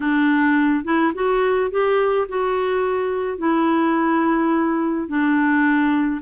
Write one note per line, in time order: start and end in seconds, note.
0.00 0.84 D4
0.84 1.12 E4
1.14 1.70 F#4
1.70 2.27 G4
2.28 3.38 F#4
3.38 5.07 E4
5.07 6.21 D4